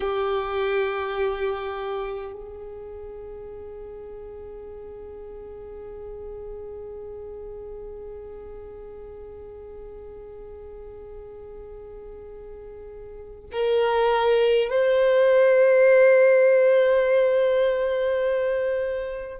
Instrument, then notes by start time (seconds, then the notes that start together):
violin
0.00 G4
2.32 G#4
13.51 A#4
14.70 C5